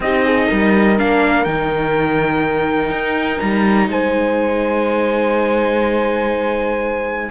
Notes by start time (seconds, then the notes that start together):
0.00 C4 D#4 G4 D#5
0.24 G#4
0.47 G3 A#4
0.97 A#3 D4 F5
1.44 D#3 D#4 G5
2.90 D#4
3.39 G3 A#5
3.87 G#3 C5 G#5